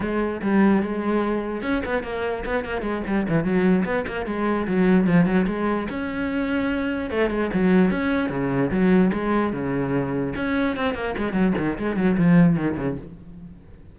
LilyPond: \new Staff \with { instrumentName = "cello" } { \time 4/4 \tempo 4 = 148 gis4 g4 gis2 | cis'8 b8 ais4 b8 ais8 gis8 g8 | e8 fis4 b8 ais8 gis4 fis8~ | fis8 f8 fis8 gis4 cis'4.~ |
cis'4. a8 gis8 fis4 cis'8~ | cis'8 cis4 fis4 gis4 cis8~ | cis4. cis'4 c'8 ais8 gis8 | fis8 dis8 gis8 fis8 f4 dis8 cis8 | }